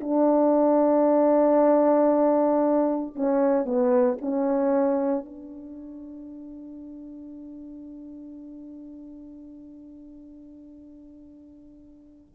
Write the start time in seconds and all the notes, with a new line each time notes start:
0.00 D4
3.15 C#4
3.65 B3
4.21 C#4
5.25 D4